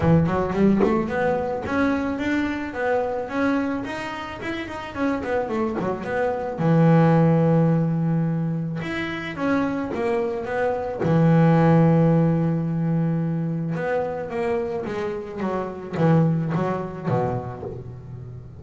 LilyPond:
\new Staff \with { instrumentName = "double bass" } { \time 4/4 \tempo 4 = 109 e8 fis8 g8 a8 b4 cis'4 | d'4 b4 cis'4 dis'4 | e'8 dis'8 cis'8 b8 a8 fis8 b4 | e1 |
e'4 cis'4 ais4 b4 | e1~ | e4 b4 ais4 gis4 | fis4 e4 fis4 b,4 | }